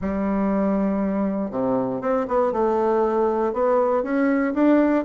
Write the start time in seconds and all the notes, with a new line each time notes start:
0.01 G3
1.50 C3
2.01 C4
2.28 B3
2.52 A3
3.53 B3
4.03 C#4
4.54 D4